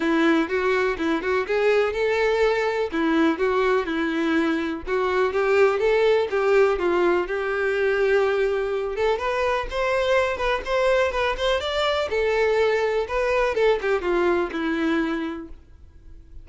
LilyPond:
\new Staff \with { instrumentName = "violin" } { \time 4/4 \tempo 4 = 124 e'4 fis'4 e'8 fis'8 gis'4 | a'2 e'4 fis'4 | e'2 fis'4 g'4 | a'4 g'4 f'4 g'4~ |
g'2~ g'8 a'8 b'4 | c''4. b'8 c''4 b'8 c''8 | d''4 a'2 b'4 | a'8 g'8 f'4 e'2 | }